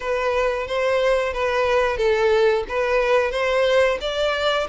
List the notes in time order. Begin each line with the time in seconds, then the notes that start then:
0.00 B4
0.67 C5
1.33 B4
1.97 A4
2.68 B4
3.31 C5
4.00 D5